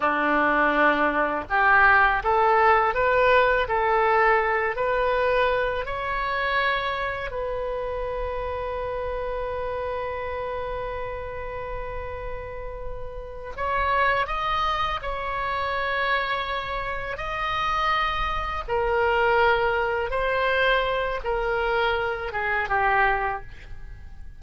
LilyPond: \new Staff \with { instrumentName = "oboe" } { \time 4/4 \tempo 4 = 82 d'2 g'4 a'4 | b'4 a'4. b'4. | cis''2 b'2~ | b'1~ |
b'2~ b'8 cis''4 dis''8~ | dis''8 cis''2. dis''8~ | dis''4. ais'2 c''8~ | c''4 ais'4. gis'8 g'4 | }